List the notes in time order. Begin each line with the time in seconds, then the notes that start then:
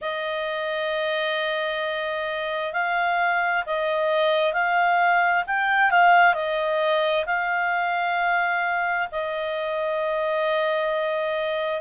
0.01 D#5
2.73 F5
3.66 D#5
4.53 F5
5.47 G5
5.90 F5
6.34 D#5
7.26 F5
9.11 D#5